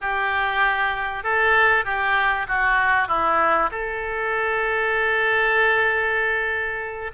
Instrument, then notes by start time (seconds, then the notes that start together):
oboe
0.01 G4
1.23 A4
1.84 G4
2.47 F#4
3.08 E4
3.71 A4